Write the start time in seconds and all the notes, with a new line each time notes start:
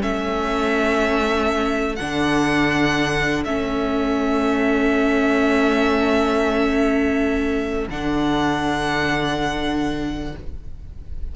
0.00 A3 C#4 A4 E5
1.96 D3 D4 F#5
3.45 A3 C#4 E5
7.88 D3 D4 F#5